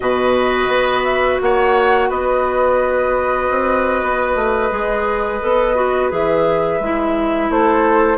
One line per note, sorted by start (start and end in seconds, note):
0.00 0.68 B2
0.00 4.70 F#4
0.00 1.41 B4
0.00 1.03 D#5
0.68 1.37 B3
1.03 1.38 E5
1.41 2.10 A#3
1.41 2.09 C#5
1.41 2.10 F#5
2.09 3.49 B3
2.09 7.50 B4
2.09 6.11 D#5
3.50 4.02 C4
4.02 4.35 B3
4.35 4.70 A3
4.70 5.41 G#3
4.70 5.40 G#4
5.41 6.11 B3
5.41 5.75 A4
5.75 6.10 F#4
6.10 6.79 E3
6.10 6.80 G#4
6.10 7.51 E5
6.79 7.49 G#3
6.79 8.17 E4
7.49 8.17 A3
7.49 8.17 A4
7.49 8.17 C5